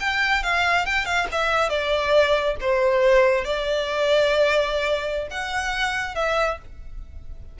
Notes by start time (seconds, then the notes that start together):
0.00 G5
0.43 F5
0.86 G5
1.06 F5
1.32 E5
1.69 D5
2.60 C5
3.45 D5
5.30 F#5
6.15 E5